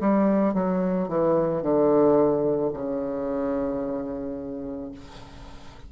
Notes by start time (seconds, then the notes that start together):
0.00 G3
0.54 F#3
1.08 E3
1.62 D3
2.74 C#3